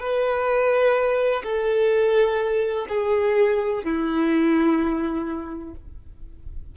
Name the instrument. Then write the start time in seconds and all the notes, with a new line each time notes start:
violin
0.00 B4
1.43 A4
2.89 G#4
3.84 E4